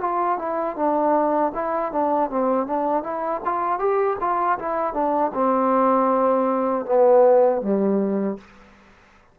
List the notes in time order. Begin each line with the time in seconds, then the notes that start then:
0.00 F4
0.38 E4
0.76 D4
1.54 E4
1.92 D4
2.30 C4
2.67 D4
3.03 E4
3.45 F4
3.79 G4
4.20 F4
4.59 E4
4.93 D4
5.34 C4
6.85 B3
7.62 G3